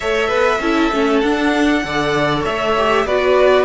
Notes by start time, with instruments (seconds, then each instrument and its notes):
0.00 cello A3, viola A4, violin C#5 E5
0.28 cello B3, violin B4
0.60 cello C#4, viola E4, violin A4
0.92 cello A3, viola C#4
1.21 cello D4, viola D4, violin F#5
1.84 cello D3, viola A4, violin D5
2.43 cello A3, violin C#5 E5
2.77 viola G4
3.05 cello B3, viola F#4, violin B4 D5